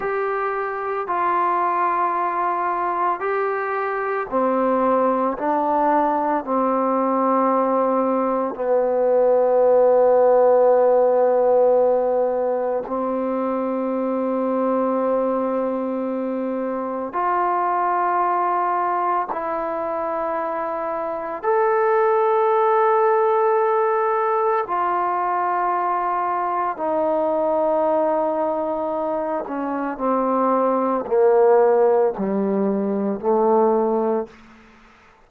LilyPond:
\new Staff \with { instrumentName = "trombone" } { \time 4/4 \tempo 4 = 56 g'4 f'2 g'4 | c'4 d'4 c'2 | b1 | c'1 |
f'2 e'2 | a'2. f'4~ | f'4 dis'2~ dis'8 cis'8 | c'4 ais4 g4 a4 | }